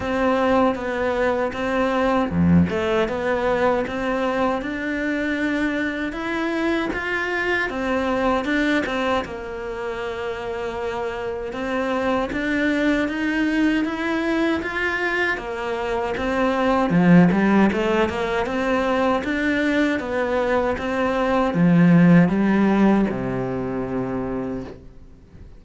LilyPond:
\new Staff \with { instrumentName = "cello" } { \time 4/4 \tempo 4 = 78 c'4 b4 c'4 f,8 a8 | b4 c'4 d'2 | e'4 f'4 c'4 d'8 c'8 | ais2. c'4 |
d'4 dis'4 e'4 f'4 | ais4 c'4 f8 g8 a8 ais8 | c'4 d'4 b4 c'4 | f4 g4 c2 | }